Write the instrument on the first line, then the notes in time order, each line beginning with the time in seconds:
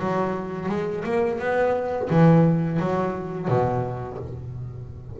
double bass
0.00 F#3
0.69 G#3
1.05 A#3
1.40 B3
2.10 E3
2.80 F#3
3.49 B2